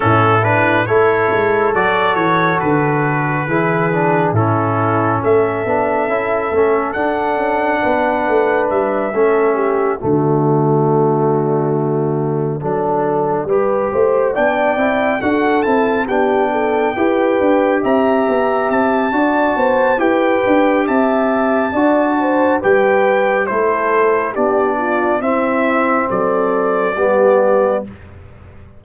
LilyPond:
<<
  \new Staff \with { instrumentName = "trumpet" } { \time 4/4 \tempo 4 = 69 a'8 b'8 cis''4 d''8 cis''8 b'4~ | b'4 a'4 e''2 | fis''2 e''4. d''8~ | d''1~ |
d''8 g''4 fis''8 a''8 g''4.~ | g''8 ais''4 a''4. g''4 | a''2 g''4 c''4 | d''4 e''4 d''2 | }
  \new Staff \with { instrumentName = "horn" } { \time 4/4 e'4 a'2. | gis'4 e'4 a'2~ | a'4 b'4. a'8 g'8 fis'8~ | fis'2~ fis'8 a'4 b'8 |
c''8 d''4 a'4 g'8 a'8 b'8~ | b'8 e''4. d''8 c''8 b'4 | e''4 d''8 c''8 b'4 a'4 | g'8 f'8 e'4 a'4 g'4 | }
  \new Staff \with { instrumentName = "trombone" } { \time 4/4 cis'8 d'8 e'4 fis'2 | e'8 d'8 cis'4. d'8 e'8 cis'8 | d'2~ d'8 cis'4 a8~ | a2~ a8 d'4 g'8~ |
g'8 d'8 e'8 fis'8 e'8 d'4 g'8~ | g'2 fis'4 g'4~ | g'4 fis'4 g'4 e'4 | d'4 c'2 b4 | }
  \new Staff \with { instrumentName = "tuba" } { \time 4/4 a,4 a8 gis8 fis8 e8 d4 | e4 a,4 a8 b8 cis'8 a8 | d'8 cis'8 b8 a8 g8 a4 d8~ | d2~ d8 fis4 g8 |
a8 b8 c'8 d'8 c'8 b4 e'8 | d'8 c'8 b8 c'8 d'8 b8 e'8 d'8 | c'4 d'4 g4 a4 | b4 c'4 fis4 g4 | }
>>